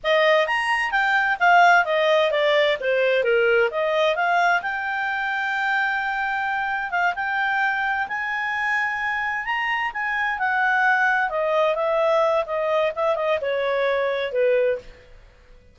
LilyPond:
\new Staff \with { instrumentName = "clarinet" } { \time 4/4 \tempo 4 = 130 dis''4 ais''4 g''4 f''4 | dis''4 d''4 c''4 ais'4 | dis''4 f''4 g''2~ | g''2. f''8 g''8~ |
g''4. gis''2~ gis''8~ | gis''8 ais''4 gis''4 fis''4.~ | fis''8 dis''4 e''4. dis''4 | e''8 dis''8 cis''2 b'4 | }